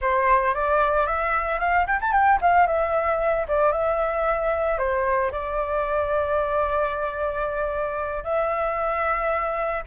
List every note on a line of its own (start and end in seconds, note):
0.01 0.54 C5
0.54 1.06 D5
1.06 1.59 E5
1.59 1.86 F5
1.86 2.00 G5
2.00 2.12 A5
2.12 2.38 G5
2.41 2.66 F5
2.66 3.46 E5
3.48 3.72 D5
3.72 4.78 E5
4.78 5.31 C5
5.31 8.23 D5
8.23 9.82 E5